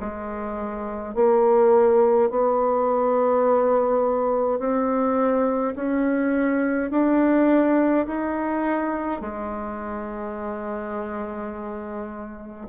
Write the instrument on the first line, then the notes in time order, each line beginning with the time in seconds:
bassoon
0.00 G#3
1.15 A#3
2.30 B3
4.59 C4
5.76 C#4
6.91 D4
8.07 D#4
9.21 G#3